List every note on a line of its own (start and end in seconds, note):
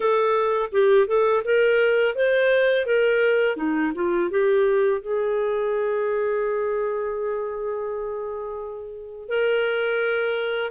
0.00 0.69 A4
0.72 1.07 G4
1.07 1.43 A4
1.44 2.15 A#4
2.15 2.86 C5
2.86 3.56 A#4
3.56 3.92 D#4
3.94 4.30 F4
4.30 5.01 G4
5.01 9.28 G#4
9.28 10.70 A#4